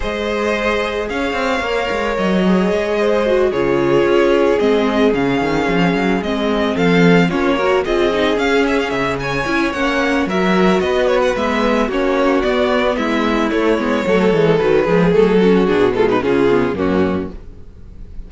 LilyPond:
<<
  \new Staff \with { instrumentName = "violin" } { \time 4/4 \tempo 4 = 111 dis''2 f''2 | dis''2~ dis''8 cis''4.~ | cis''8 dis''4 f''2 dis''8~ | dis''8 f''4 cis''4 dis''4 f''8 |
e''16 f''16 e''8 gis''4 fis''4 e''4 | dis''8 cis''16 fis''16 e''4 cis''4 d''4 | e''4 cis''2 b'4 | a'4 gis'8 a'16 b'16 gis'4 fis'4 | }
  \new Staff \with { instrumentName = "violin" } { \time 4/4 c''2 cis''2~ | cis''4. c''4 gis'4.~ | gis'1~ | gis'8 a'4 f'8 ais'8 gis'4.~ |
gis'4 cis''2 ais'4 | b'2 fis'2 | e'2 a'4. gis'8~ | gis'8 fis'4 f'16 dis'16 f'4 cis'4 | }
  \new Staff \with { instrumentName = "viola" } { \time 4/4 gis'2. ais'4~ | ais'8 gis'4. fis'8 f'4.~ | f'8 c'4 cis'2 c'8~ | c'4. cis'8 fis'8 f'8 dis'8 cis'8~ |
cis'4. e'8 cis'4 fis'4~ | fis'4 b4 cis'4 b4~ | b4 a8 b8 a8 gis8 fis8 gis8 | a8 cis'8 d'8 gis8 cis'8 b8 ais4 | }
  \new Staff \with { instrumentName = "cello" } { \time 4/4 gis2 cis'8 c'8 ais8 gis8 | fis4 gis4. cis4 cis'8~ | cis'8 gis4 cis8 dis8 f8 fis8 gis8~ | gis8 f4 ais4 c'4 cis'8~ |
cis'8 cis4 cis'8 ais4 fis4 | b4 gis4 ais4 b4 | gis4 a8 gis8 fis8 e8 dis8 f8 | fis4 b,4 cis4 fis,4 | }
>>